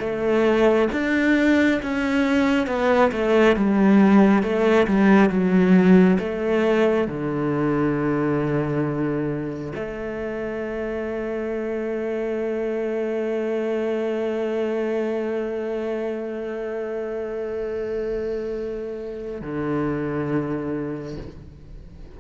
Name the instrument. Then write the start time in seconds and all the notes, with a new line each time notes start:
cello
0.00 A3
0.93 D4
1.82 C#4
2.67 B3
3.12 A3
3.56 G3
4.43 A3
4.88 G3
5.30 F#3
6.19 A3
7.08 D3
9.75 A3
19.41 D3